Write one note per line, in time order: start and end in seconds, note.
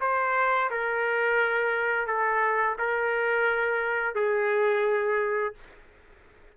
0.00 0.70 C5
0.70 2.07 A#4
2.07 2.77 A4
2.78 4.15 A#4
4.15 5.54 G#4